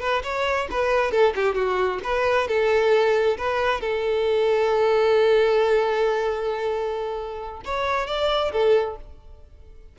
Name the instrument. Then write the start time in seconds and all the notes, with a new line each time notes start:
violin
0.00 B4
0.23 C#5
0.71 B4
1.12 A4
1.35 G4
1.55 F#4
2.04 B4
2.48 A4
3.38 B4
3.81 A4
7.65 C#5
8.07 D5
8.52 A4